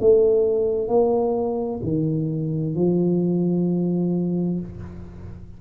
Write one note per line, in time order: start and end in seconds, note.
0.00 0.88 A3
0.88 1.80 A#3
1.83 2.75 D#3
2.75 4.59 F3